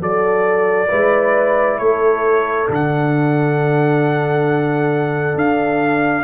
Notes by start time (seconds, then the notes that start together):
0.00 F#3 F#4 A4 D5
0.88 G#3 E4 B4
1.79 A3 A4 C#5
2.67 D3 D4
2.74 F#5
5.35 D4 F5